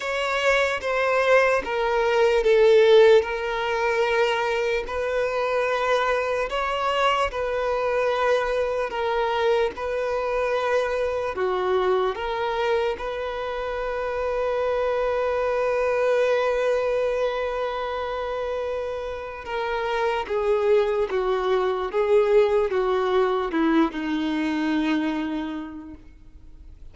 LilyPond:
\new Staff \with { instrumentName = "violin" } { \time 4/4 \tempo 4 = 74 cis''4 c''4 ais'4 a'4 | ais'2 b'2 | cis''4 b'2 ais'4 | b'2 fis'4 ais'4 |
b'1~ | b'1 | ais'4 gis'4 fis'4 gis'4 | fis'4 e'8 dis'2~ dis'8 | }